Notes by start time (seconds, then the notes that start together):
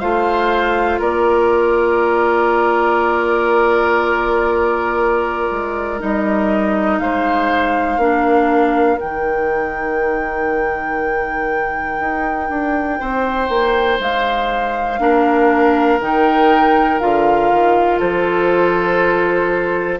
0.00 A3 F4 C5 F5
0.99 A#3 A#4 D5
5.51 G#3
5.99 G3 D#4 D#5
6.99 G#3 C5 F5
7.97 A#3 D4 A#4
8.97 D#4 G5
9.03 D#3
12.00 D#4
12.49 D4
13.00 C4 C5
13.49 A#3
14.00 G#3 F5
15.00 A#3 D4 A#4
16.00 D#3 D#4 G5
17.00 D3 F4 F5
17.52 D#3
17.99 F3 A4 C5